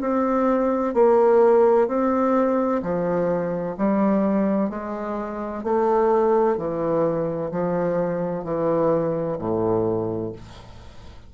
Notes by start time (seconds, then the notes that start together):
0.00 C4
0.94 A#3
1.87 C4
2.82 F3
3.77 G3
4.70 G#3
5.63 A3
6.57 E3
7.51 F3
8.44 E3
9.38 A2